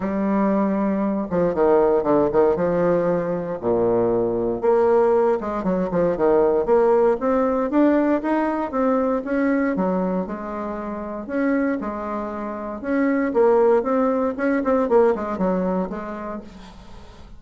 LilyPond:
\new Staff \with { instrumentName = "bassoon" } { \time 4/4 \tempo 4 = 117 g2~ g8 f8 dis4 | d8 dis8 f2 ais,4~ | ais,4 ais4. gis8 fis8 f8 | dis4 ais4 c'4 d'4 |
dis'4 c'4 cis'4 fis4 | gis2 cis'4 gis4~ | gis4 cis'4 ais4 c'4 | cis'8 c'8 ais8 gis8 fis4 gis4 | }